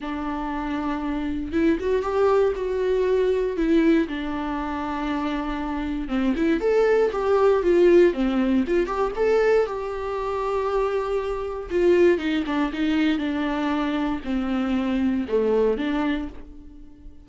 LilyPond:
\new Staff \with { instrumentName = "viola" } { \time 4/4 \tempo 4 = 118 d'2. e'8 fis'8 | g'4 fis'2 e'4 | d'1 | c'8 e'8 a'4 g'4 f'4 |
c'4 f'8 g'8 a'4 g'4~ | g'2. f'4 | dis'8 d'8 dis'4 d'2 | c'2 a4 d'4 | }